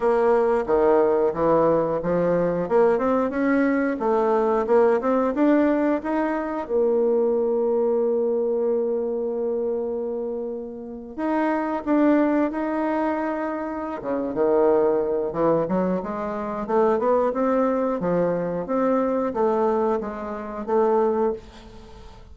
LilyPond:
\new Staff \with { instrumentName = "bassoon" } { \time 4/4 \tempo 4 = 90 ais4 dis4 e4 f4 | ais8 c'8 cis'4 a4 ais8 c'8 | d'4 dis'4 ais2~ | ais1~ |
ais8. dis'4 d'4 dis'4~ dis'16~ | dis'4 cis8 dis4. e8 fis8 | gis4 a8 b8 c'4 f4 | c'4 a4 gis4 a4 | }